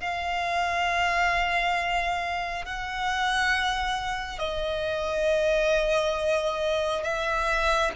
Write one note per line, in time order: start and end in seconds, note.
0.00 2.65 F5
2.65 4.39 F#5
4.39 7.03 D#5
7.03 7.92 E5